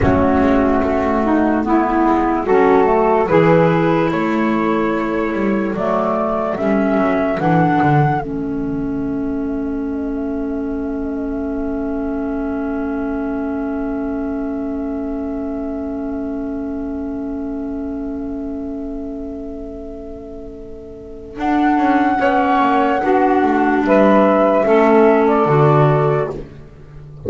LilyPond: <<
  \new Staff \with { instrumentName = "flute" } { \time 4/4 \tempo 4 = 73 fis'2 e'4 a'4 | b'4 cis''2 d''4 | e''4 fis''4 e''2~ | e''1~ |
e''1~ | e''1~ | e''2 fis''2~ | fis''4 e''4.~ e''16 d''4~ d''16 | }
  \new Staff \with { instrumentName = "saxophone" } { \time 4/4 cis'4. dis'8 e'4 fis'4 | gis'4 a'2.~ | a'1~ | a'1~ |
a'1~ | a'1~ | a'2. cis''4 | fis'4 b'4 a'2 | }
  \new Staff \with { instrumentName = "clarinet" } { \time 4/4 a2 b4 cis'8 a8 | e'2. a4 | cis'4 d'4 cis'2~ | cis'1~ |
cis'1~ | cis'1~ | cis'2 d'4 cis'4 | d'2 cis'4 fis'4 | }
  \new Staff \with { instrumentName = "double bass" } { \time 4/4 fis8 gis8 a4. gis8 fis4 | e4 a4. g8 fis4 | g8 fis8 e8 d8 a2~ | a1~ |
a1~ | a1~ | a2 d'8 cis'8 b8 ais8 | b8 a8 g4 a4 d4 | }
>>